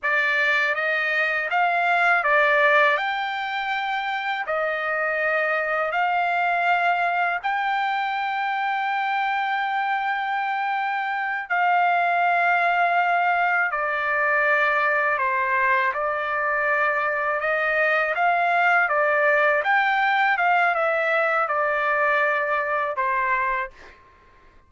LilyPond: \new Staff \with { instrumentName = "trumpet" } { \time 4/4 \tempo 4 = 81 d''4 dis''4 f''4 d''4 | g''2 dis''2 | f''2 g''2~ | g''2.~ g''8 f''8~ |
f''2~ f''8 d''4.~ | d''8 c''4 d''2 dis''8~ | dis''8 f''4 d''4 g''4 f''8 | e''4 d''2 c''4 | }